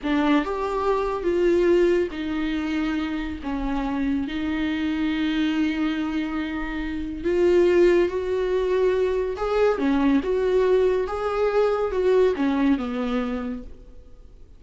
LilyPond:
\new Staff \with { instrumentName = "viola" } { \time 4/4 \tempo 4 = 141 d'4 g'2 f'4~ | f'4 dis'2. | cis'2 dis'2~ | dis'1~ |
dis'4 f'2 fis'4~ | fis'2 gis'4 cis'4 | fis'2 gis'2 | fis'4 cis'4 b2 | }